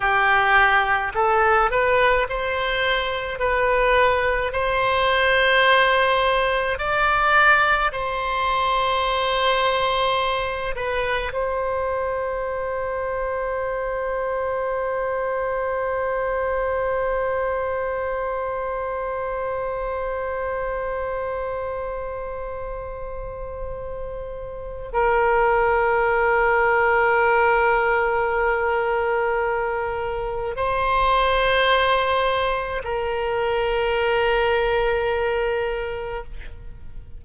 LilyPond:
\new Staff \with { instrumentName = "oboe" } { \time 4/4 \tempo 4 = 53 g'4 a'8 b'8 c''4 b'4 | c''2 d''4 c''4~ | c''4. b'8 c''2~ | c''1~ |
c''1~ | c''2 ais'2~ | ais'2. c''4~ | c''4 ais'2. | }